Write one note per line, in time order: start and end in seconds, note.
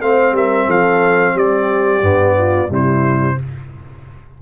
0.00 0.32 A3
0.00 2.01 C4
0.00 0.35 C5
0.00 0.35 F5
0.32 0.65 G3
0.32 0.66 A#4
0.32 0.70 E5
0.66 1.34 F3
0.66 1.34 A4
0.66 1.37 F5
1.34 2.01 G3
1.34 2.36 G4
1.34 2.72 D5
2.01 2.69 G2
2.01 2.68 B3
2.37 2.70 F4
2.68 3.37 C3
2.68 3.36 G3
2.68 3.37 E4
2.68 3.41 C5